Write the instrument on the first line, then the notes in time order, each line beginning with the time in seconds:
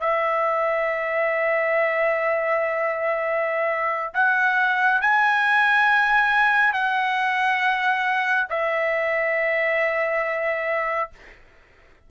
trumpet
0.00 E5
4.14 F#5
5.01 G#5
6.73 F#5
8.49 E5